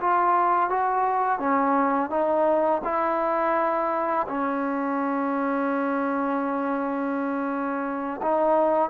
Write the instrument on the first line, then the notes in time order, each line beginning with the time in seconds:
trombone
0.00 F4
0.69 F#4
1.39 C#4
2.10 D#4
2.84 E4
4.28 C#4
8.22 D#4